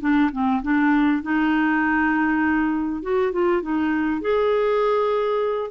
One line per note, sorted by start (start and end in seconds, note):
0.00 0.30 D4
0.32 0.62 C4
0.62 1.22 D4
1.22 3.02 D#4
3.02 3.32 F#4
3.32 3.62 F4
3.62 4.21 D#4
4.21 5.70 G#4